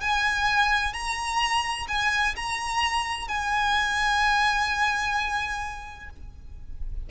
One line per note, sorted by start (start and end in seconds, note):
0.00 0.93 G#5
0.93 1.87 A#5
1.88 2.35 G#5
2.36 3.28 A#5
3.28 6.09 G#5